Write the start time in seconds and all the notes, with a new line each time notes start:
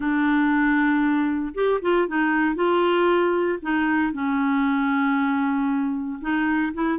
0.00 D4
1.54 G4
1.81 F4
2.07 D#4
2.55 F4
3.62 D#4
4.12 C#4
6.21 D#4
6.73 E4